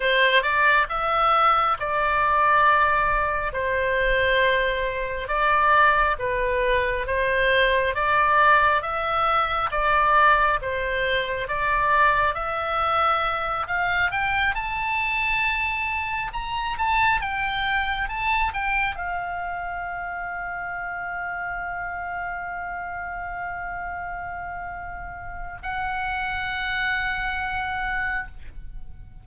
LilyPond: \new Staff \with { instrumentName = "oboe" } { \time 4/4 \tempo 4 = 68 c''8 d''8 e''4 d''2 | c''2 d''4 b'4 | c''4 d''4 e''4 d''4 | c''4 d''4 e''4. f''8 |
g''8 a''2 ais''8 a''8 g''8~ | g''8 a''8 g''8 f''2~ f''8~ | f''1~ | f''4 fis''2. | }